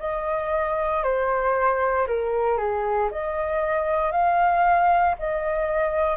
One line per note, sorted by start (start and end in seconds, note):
0.00 1.03 D#5
1.03 2.07 C5
2.07 2.58 A#4
2.58 3.10 G#4
3.12 4.12 D#5
4.12 5.15 F5
5.19 6.17 D#5